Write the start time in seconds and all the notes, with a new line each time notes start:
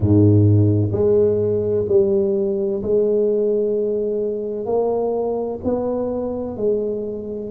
0.00 G#2
0.92 G#3
1.88 G3
2.83 G#3
4.65 A#3
5.64 B3
6.56 G#3